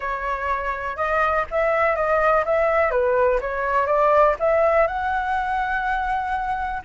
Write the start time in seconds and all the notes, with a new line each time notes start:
0.00 C#5
0.96 D#5
1.50 E5
1.95 D#5
2.45 E5
2.90 B4
3.40 C#5
3.86 D5
4.39 E5
4.87 F#5